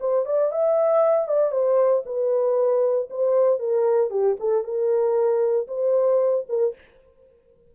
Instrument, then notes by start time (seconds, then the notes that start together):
horn
0.00 C5
0.26 D5
0.51 E5
1.28 D5
1.52 C5
2.06 B4
3.10 C5
3.59 A#4
4.11 G4
4.40 A4
4.64 A#4
5.68 C5
6.49 A#4